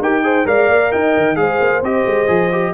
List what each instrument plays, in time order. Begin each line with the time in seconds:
0.00 tuba D#4, trombone G4, horn A#4, trumpet G5
0.23 trombone G#4, horn C5
0.46 tuba G#3, trombone A#4, horn D5, trumpet F5
0.68 tuba A#3
0.92 tuba D#4, horn D#5, trumpet G5
1.17 tuba D#3
1.36 tuba G#3, trombone G#4, horn C5, trumpet F5
1.60 tuba A#3
1.82 tuba C4, trombone G4, trumpet D#5
2.06 tuba G#3
2.28 tuba F3, trombone G#4
2.52 trombone G4